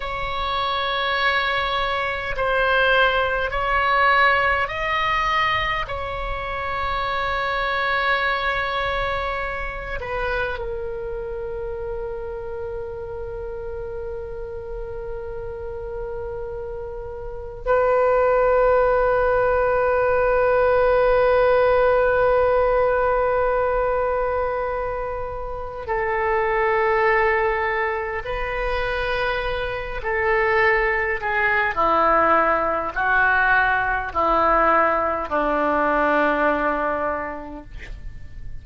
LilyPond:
\new Staff \with { instrumentName = "oboe" } { \time 4/4 \tempo 4 = 51 cis''2 c''4 cis''4 | dis''4 cis''2.~ | cis''8 b'8 ais'2.~ | ais'2. b'4~ |
b'1~ | b'2 a'2 | b'4. a'4 gis'8 e'4 | fis'4 e'4 d'2 | }